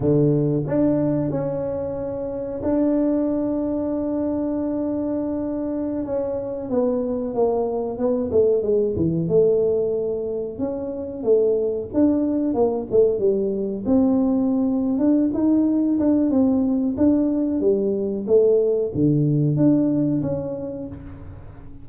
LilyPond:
\new Staff \with { instrumentName = "tuba" } { \time 4/4 \tempo 4 = 92 d4 d'4 cis'2 | d'1~ | d'4~ d'16 cis'4 b4 ais8.~ | ais16 b8 a8 gis8 e8 a4.~ a16~ |
a16 cis'4 a4 d'4 ais8 a16~ | a16 g4 c'4.~ c'16 d'8 dis'8~ | dis'8 d'8 c'4 d'4 g4 | a4 d4 d'4 cis'4 | }